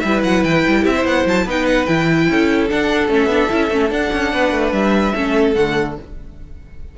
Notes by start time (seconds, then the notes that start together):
0.00 G3 E4 B4 E5
0.23 F#3 F#5
0.44 E3 G5
0.68 G3
0.82 C4 G4 E5
0.94 C5
1.05 B3 F#5
1.26 F#3 A5
1.45 B3 D#4 B4 G5
1.66 F#5
1.86 E3 E4 G5
2.30 C#4 A4
2.69 D4 F#5
3.08 A3 C#4 E5
3.26 B3 D4
3.50 C#4 E4
3.70 A3 C#4
3.90 D4 F#5
4.13 C#4
4.33 B3 B4
4.52 A3
4.72 G3 E5
5.15 A3 C#4 A4
5.54 D3 A3 F#5